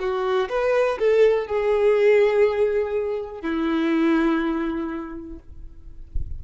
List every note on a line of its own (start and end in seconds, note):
0.00 0.49 F#4
0.50 0.99 B4
0.99 1.48 A4
1.48 3.42 G#4
3.42 5.39 E4